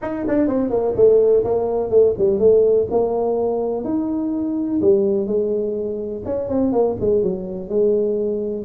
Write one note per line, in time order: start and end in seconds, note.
0.02 0.26 D#4
0.27 0.47 D4
0.47 0.70 C4
0.70 0.94 A#3
0.96 1.44 A3
1.44 1.90 A#3
1.90 2.14 A3
2.18 2.39 G3
2.39 2.87 A3
2.90 3.84 A#3
3.84 4.80 D#4
4.81 5.26 G3
5.26 6.22 G#3
6.25 6.48 C#4
6.48 6.72 C4
6.72 6.96 A#3
7.00 7.22 G#3
7.22 7.69 F#3
7.69 8.65 G#3